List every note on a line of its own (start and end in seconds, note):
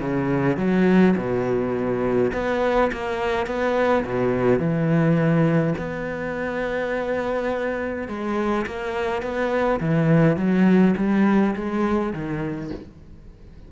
0.00 0.57 C#3
0.57 1.15 F#3
1.16 2.32 B2
2.33 2.91 B3
2.92 3.46 A#3
3.46 4.04 B3
4.04 4.59 B2
4.59 5.74 E3
5.77 8.08 B3
8.08 8.65 G#3
8.66 9.22 A#3
9.22 9.79 B3
9.80 10.36 E3
10.36 10.94 F#3
10.97 11.55 G3
11.55 12.13 G#3
12.13 12.71 D#3